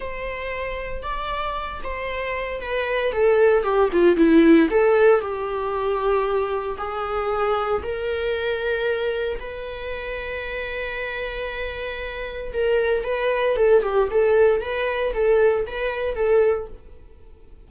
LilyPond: \new Staff \with { instrumentName = "viola" } { \time 4/4 \tempo 4 = 115 c''2 d''4. c''8~ | c''4 b'4 a'4 g'8 f'8 | e'4 a'4 g'2~ | g'4 gis'2 ais'4~ |
ais'2 b'2~ | b'1 | ais'4 b'4 a'8 g'8 a'4 | b'4 a'4 b'4 a'4 | }